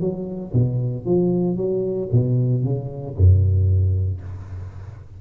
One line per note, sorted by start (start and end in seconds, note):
0.00 0.52 F#3
0.53 1.05 B2
1.05 1.57 F3
1.57 2.09 F#3
2.12 2.64 B2
2.64 3.16 C#3
3.16 4.21 F#2